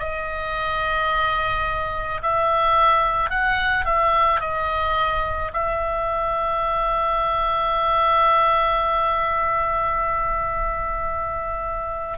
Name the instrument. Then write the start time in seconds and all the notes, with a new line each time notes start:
oboe
0.00 D#5
2.23 E5
3.30 F#5
3.86 E5
4.41 D#5
5.54 E5